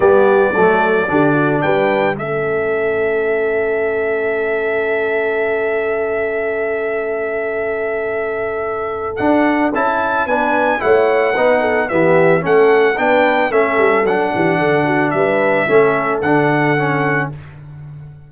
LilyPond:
<<
  \new Staff \with { instrumentName = "trumpet" } { \time 4/4 \tempo 4 = 111 d''2. g''4 | e''1~ | e''1~ | e''1~ |
e''4 fis''4 a''4 gis''4 | fis''2 e''4 fis''4 | g''4 e''4 fis''2 | e''2 fis''2 | }
  \new Staff \with { instrumentName = "horn" } { \time 4/4 g'4 a'4 g'8 fis'8 b'4 | a'1~ | a'1~ | a'1~ |
a'2. b'4 | cis''4 b'8 a'8 g'4 a'4 | b'4 a'4. g'8 a'8 fis'8 | b'4 a'2. | }
  \new Staff \with { instrumentName = "trombone" } { \time 4/4 b4 a4 d'2 | cis'1~ | cis'1~ | cis'1~ |
cis'4 d'4 e'4 d'4 | e'4 dis'4 b4 cis'4 | d'4 cis'4 d'2~ | d'4 cis'4 d'4 cis'4 | }
  \new Staff \with { instrumentName = "tuba" } { \time 4/4 g4 fis4 d4 g4 | a1~ | a1~ | a1~ |
a4 d'4 cis'4 b4 | a4 b4 e4 a4 | b4 a8 g8 fis8 e8 d4 | g4 a4 d2 | }
>>